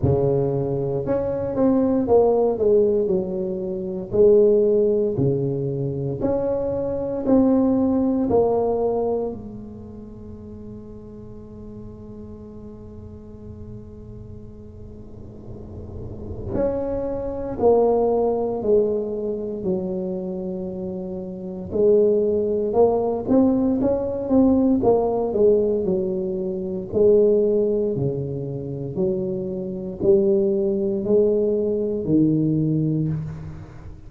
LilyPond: \new Staff \with { instrumentName = "tuba" } { \time 4/4 \tempo 4 = 58 cis4 cis'8 c'8 ais8 gis8 fis4 | gis4 cis4 cis'4 c'4 | ais4 gis2.~ | gis1 |
cis'4 ais4 gis4 fis4~ | fis4 gis4 ais8 c'8 cis'8 c'8 | ais8 gis8 fis4 gis4 cis4 | fis4 g4 gis4 dis4 | }